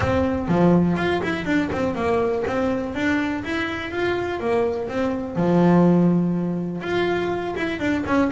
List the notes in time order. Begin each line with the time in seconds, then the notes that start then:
0.00 C4
0.48 F3
0.96 F4
1.22 E4
1.45 D4
1.72 C4
1.95 A#3
2.47 C4
2.94 D4
3.44 E4
3.91 F4
4.39 A#3
4.88 C4
5.35 F3
6.81 F4
7.56 E4
7.79 D4
8.06 C#4